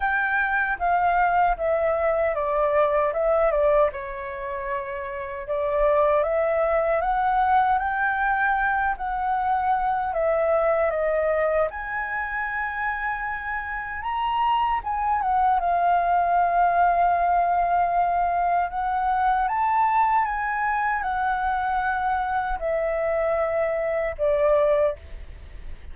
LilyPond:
\new Staff \with { instrumentName = "flute" } { \time 4/4 \tempo 4 = 77 g''4 f''4 e''4 d''4 | e''8 d''8 cis''2 d''4 | e''4 fis''4 g''4. fis''8~ | fis''4 e''4 dis''4 gis''4~ |
gis''2 ais''4 gis''8 fis''8 | f''1 | fis''4 a''4 gis''4 fis''4~ | fis''4 e''2 d''4 | }